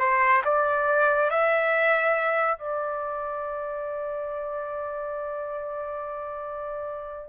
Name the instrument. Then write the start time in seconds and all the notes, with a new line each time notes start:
trumpet
0.00 C5
0.45 D5
1.31 E5
2.59 D5